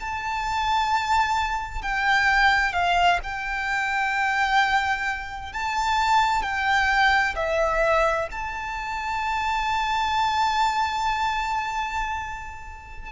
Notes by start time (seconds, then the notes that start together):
0.00 A5
1.83 G5
2.73 F5
3.23 G5
5.53 A5
6.42 G5
7.36 E5
8.32 A5